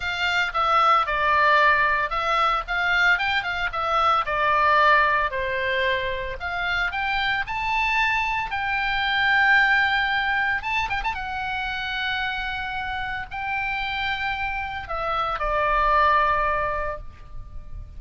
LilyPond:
\new Staff \with { instrumentName = "oboe" } { \time 4/4 \tempo 4 = 113 f''4 e''4 d''2 | e''4 f''4 g''8 f''8 e''4 | d''2 c''2 | f''4 g''4 a''2 |
g''1 | a''8 g''16 a''16 fis''2.~ | fis''4 g''2. | e''4 d''2. | }